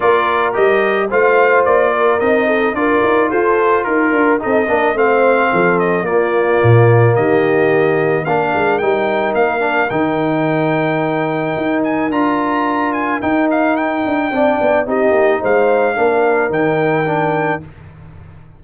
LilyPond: <<
  \new Staff \with { instrumentName = "trumpet" } { \time 4/4 \tempo 4 = 109 d''4 dis''4 f''4 d''4 | dis''4 d''4 c''4 ais'4 | dis''4 f''4. dis''8 d''4~ | d''4 dis''2 f''4 |
g''4 f''4 g''2~ | g''4. gis''8 ais''4. gis''8 | g''8 f''8 g''2 dis''4 | f''2 g''2 | }
  \new Staff \with { instrumentName = "horn" } { \time 4/4 ais'2 c''4. ais'8~ | ais'8 a'8 ais'4 a'4 ais'4 | a'8 ais'8 c''4 a'4 f'4~ | f'4 g'2 ais'4~ |
ais'1~ | ais'1~ | ais'2 d''4 g'4 | c''4 ais'2. | }
  \new Staff \with { instrumentName = "trombone" } { \time 4/4 f'4 g'4 f'2 | dis'4 f'2. | dis'8 d'8 c'2 ais4~ | ais2. d'4 |
dis'4. d'8 dis'2~ | dis'2 f'2 | dis'2 d'4 dis'4~ | dis'4 d'4 dis'4 d'4 | }
  \new Staff \with { instrumentName = "tuba" } { \time 4/4 ais4 g4 a4 ais4 | c'4 d'8 dis'8 f'4 dis'8 d'8 | c'8 ais8 a4 f4 ais4 | ais,4 dis2 ais8 gis8 |
g4 ais4 dis2~ | dis4 dis'4 d'2 | dis'4. d'8 c'8 b8 c'8 ais8 | gis4 ais4 dis2 | }
>>